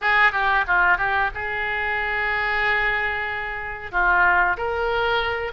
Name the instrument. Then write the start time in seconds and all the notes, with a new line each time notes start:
oboe
0.01 G#4
0.32 G4
0.67 F4
0.97 G4
1.34 G#4
3.91 F4
4.57 A#4